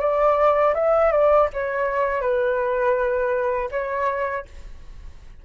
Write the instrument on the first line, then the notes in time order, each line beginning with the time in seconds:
flute
0.00 D5
0.74 E5
1.11 D5
1.53 C#5
2.21 B4
3.71 C#5